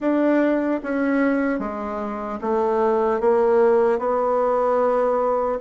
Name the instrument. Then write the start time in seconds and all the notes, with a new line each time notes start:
bassoon
0.00 D4
0.83 C#4
1.59 G#3
2.41 A3
3.20 A#3
3.98 B3